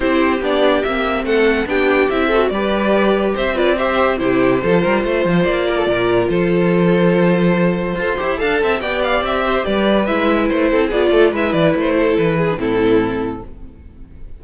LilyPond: <<
  \new Staff \with { instrumentName = "violin" } { \time 4/4 \tempo 4 = 143 c''4 d''4 e''4 fis''4 | g''4 e''4 d''2 | e''8 d''8 e''4 c''2~ | c''4 d''2 c''4~ |
c''1 | a''4 g''8 f''8 e''4 d''4 | e''4 c''4 d''4 e''8 d''8 | c''4 b'4 a'2 | }
  \new Staff \with { instrumentName = "violin" } { \time 4/4 g'2. a'4 | g'4. a'8 b'2 | c''8 b'8 c''4 g'4 a'8 ais'8 | c''4. ais'16 a'16 ais'4 a'4~ |
a'2. c''4 | f''8 e''8 d''4. c''8 b'4~ | b'4. a'8 gis'8 a'8 b'4~ | b'8 a'4 gis'8 e'2 | }
  \new Staff \with { instrumentName = "viola" } { \time 4/4 e'4 d'4 c'2 | d'4 e'8 fis'8 g'2~ | g'8 f'8 g'4 e'4 f'4~ | f'1~ |
f'2. a'8 g'8 | a'4 g'2. | e'2 f'4 e'4~ | e'4.~ e'16 d'16 c'2 | }
  \new Staff \with { instrumentName = "cello" } { \time 4/4 c'4 b4 ais4 a4 | b4 c'4 g2 | c'2 c4 f8 g8 | a8 f8 ais4 ais,4 f4~ |
f2. f'8 e'8 | d'8 c'8 b4 c'4 g4 | gis4 a8 c'8 b8 a8 gis8 e8 | a4 e4 a,2 | }
>>